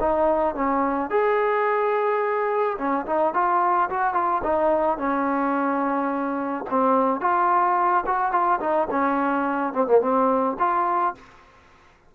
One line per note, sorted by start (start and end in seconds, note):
0.00 0.55 D#4
0.55 1.10 C#4
1.10 2.77 G#4
2.78 3.06 C#4
3.06 3.34 D#4
3.34 3.89 F4
3.90 4.14 F#4
4.14 4.42 F4
4.43 4.98 D#4
4.98 6.65 C#4
6.70 7.21 C4
7.21 8.04 F4
8.06 8.32 F#4
8.32 8.59 F4
8.60 8.88 D#4
8.91 9.73 C#4
9.73 9.87 C4
9.87 10.01 A#3
10.01 10.57 C4
10.59 11.14 F4